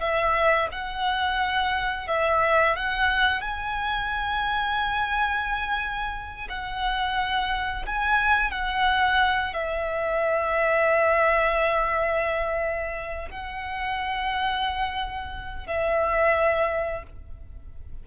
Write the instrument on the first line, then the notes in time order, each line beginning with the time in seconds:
violin
0.00 E5
0.71 F#5
2.07 E5
2.76 F#5
3.41 G#5
6.49 F#5
7.86 G#5
8.51 F#5
9.53 E5
13.30 F#5
15.66 E5